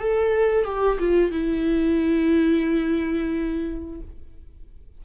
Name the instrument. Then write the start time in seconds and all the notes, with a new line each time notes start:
viola
0.00 A4
0.65 G4
0.99 F4
1.31 E4